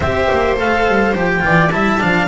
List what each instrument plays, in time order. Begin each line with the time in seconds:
0.00 double bass C4, cello G4, viola C5, clarinet E5
0.31 double bass A#3
0.56 double bass A3, cello A4, clarinet F5
0.87 double bass G3
1.13 double bass F3, cello G4, clarinet G5
1.40 double bass E3, cello F4, viola D5
1.70 double bass G3, cello E4, viola E5, clarinet A5
1.99 double bass F3, cello D4, viola F5